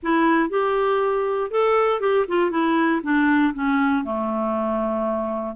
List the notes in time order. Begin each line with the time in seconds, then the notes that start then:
0.03 E4
0.49 G4
1.50 A4
2.00 G4
2.28 F4
2.50 E4
3.03 D4
3.53 C#4
4.04 A3